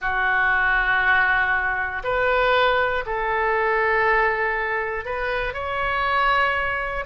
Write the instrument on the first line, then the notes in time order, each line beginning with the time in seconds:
oboe
0.01 F#4
2.03 B4
3.06 A4
5.05 B4
5.53 C#5